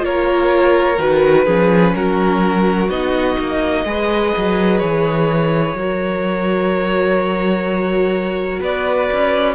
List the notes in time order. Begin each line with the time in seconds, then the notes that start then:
0.00 A#3 F4 A#4 C#5
0.98 D#3 F#4 B4
1.45 F3 C#4 G#4
1.95 F#3 F#4 A#4
2.89 B3 D#4 D#5
3.40 A#3
3.85 G#3 G#4 B4
4.37 F#3
4.79 E3 C#5
5.74 F#3 F#4 A#4
8.61 B3 B4 D5
9.13 C#4